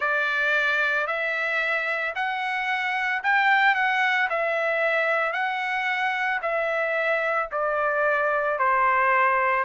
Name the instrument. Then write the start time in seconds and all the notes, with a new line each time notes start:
trumpet
0.00 D5
1.07 E5
2.15 F#5
3.23 G5
3.75 F#5
4.29 E5
5.32 F#5
6.42 E5
7.51 D5
8.58 C5